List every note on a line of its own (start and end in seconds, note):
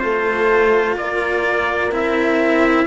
0.00 0.97 A3
0.00 1.90 F4
0.00 0.98 A4
0.00 0.95 C5
0.97 1.92 A#3
0.97 2.87 A#4
0.97 1.93 D5
1.92 2.87 C4
1.92 2.87 E4
1.92 2.87 E5